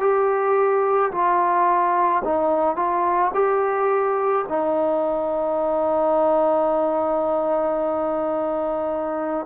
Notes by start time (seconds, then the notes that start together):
0.00 G4
1.12 F4
2.24 D#4
2.76 F4
3.34 G4
4.48 D#4